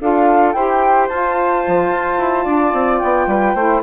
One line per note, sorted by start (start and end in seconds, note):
0.00 0.54 D4
0.00 0.55 F4
0.00 0.55 A4
0.00 0.52 F5
0.52 1.08 E4
0.52 1.10 G4
0.52 2.44 C5
0.52 1.06 G5
1.08 1.64 F4
1.08 3.56 F4
1.08 2.98 A5
1.67 1.91 F3
1.91 2.18 F4
2.18 2.45 E4
2.44 2.72 D4
2.44 3.26 D5
2.73 3.00 C4
2.98 3.26 B3
2.98 3.80 G5
3.26 3.53 G3
3.26 3.55 B4
3.54 3.82 A3
3.54 3.82 E4
3.54 3.82 C5